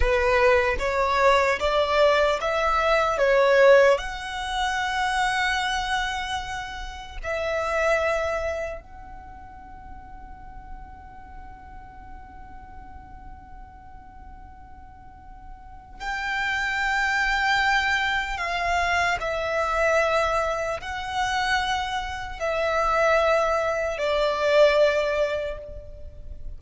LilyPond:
\new Staff \with { instrumentName = "violin" } { \time 4/4 \tempo 4 = 75 b'4 cis''4 d''4 e''4 | cis''4 fis''2.~ | fis''4 e''2 fis''4~ | fis''1~ |
fis''1 | g''2. f''4 | e''2 fis''2 | e''2 d''2 | }